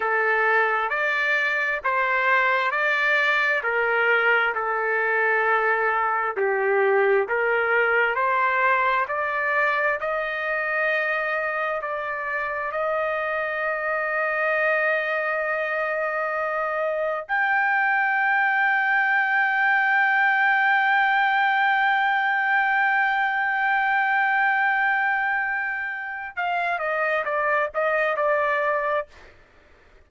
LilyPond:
\new Staff \with { instrumentName = "trumpet" } { \time 4/4 \tempo 4 = 66 a'4 d''4 c''4 d''4 | ais'4 a'2 g'4 | ais'4 c''4 d''4 dis''4~ | dis''4 d''4 dis''2~ |
dis''2. g''4~ | g''1~ | g''1~ | g''4 f''8 dis''8 d''8 dis''8 d''4 | }